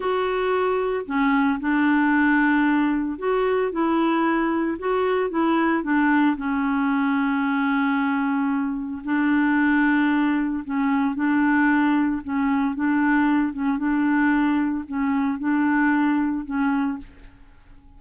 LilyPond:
\new Staff \with { instrumentName = "clarinet" } { \time 4/4 \tempo 4 = 113 fis'2 cis'4 d'4~ | d'2 fis'4 e'4~ | e'4 fis'4 e'4 d'4 | cis'1~ |
cis'4 d'2. | cis'4 d'2 cis'4 | d'4. cis'8 d'2 | cis'4 d'2 cis'4 | }